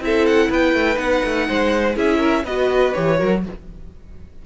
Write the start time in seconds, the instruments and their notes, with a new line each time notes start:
0.00 cello C4, viola E4, violin A4 E5
0.26 violin F#5
0.50 cello B3, violin B4 G5
0.74 cello A3
0.94 cello B3, viola D#4, violin F#5
1.24 cello A3
1.48 cello G#3, violin C5
1.95 cello C#4, viola E4, violin G#4 E5
2.18 violin A#4
2.44 cello B3, viola F#4, violin B4 D#5
2.94 cello E3, viola G4, violin C#5
3.17 cello F#3, viola F#4, violin A#4